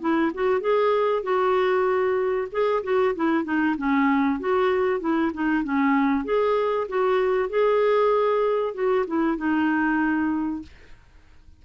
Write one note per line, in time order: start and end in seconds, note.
0.00 0.31 E4
0.34 0.60 F#4
0.60 1.22 G#4
1.22 2.47 F#4
2.51 2.83 G#4
2.83 3.14 F#4
3.15 3.44 E4
3.44 3.75 D#4
3.77 4.39 C#4
4.39 5.00 F#4
5.00 5.31 E4
5.33 5.63 D#4
5.63 6.24 C#4
6.24 6.87 G#4
6.88 7.49 F#4
7.49 8.74 G#4
8.74 9.05 F#4
9.07 9.37 E4
9.37 10.62 D#4